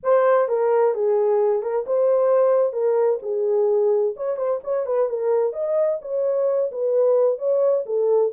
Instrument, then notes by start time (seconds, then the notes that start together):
horn
0.03 C5
0.48 A#4
0.94 G#4
1.62 A#4
1.86 C5
2.73 A#4
3.22 G#4
4.16 C#5
4.36 C5
4.63 C#5
4.86 B4
5.09 A#4
5.53 D#5
6.01 C#5
6.71 B4
7.38 C#5
7.86 A4